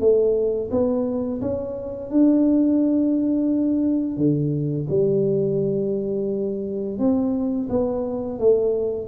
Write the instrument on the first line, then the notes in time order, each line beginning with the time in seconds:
tuba
0.00 A3
0.71 B3
1.41 C#4
2.10 D4
4.17 D3
4.89 G3
6.99 C4
7.70 B3
8.39 A3